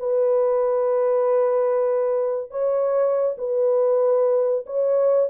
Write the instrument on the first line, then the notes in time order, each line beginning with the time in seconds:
horn
0.00 B4
2.51 C#5
3.38 B4
4.67 C#5